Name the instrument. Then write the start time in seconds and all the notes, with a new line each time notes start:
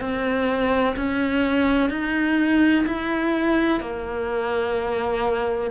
cello
0.00 C4
0.96 C#4
1.90 D#4
2.86 E4
3.80 A#3